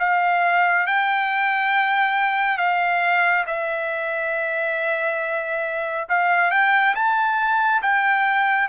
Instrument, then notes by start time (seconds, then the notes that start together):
trumpet
0.00 F5
0.87 G5
2.58 F5
3.47 E5
6.09 F5
6.51 G5
6.95 A5
7.83 G5